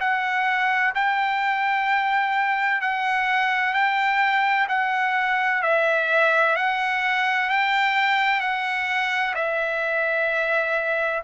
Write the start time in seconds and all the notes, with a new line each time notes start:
0.00 F#5
0.95 G5
2.81 F#5
3.74 G5
4.69 F#5
5.62 E5
6.56 F#5
7.50 G5
8.40 F#5
9.35 E5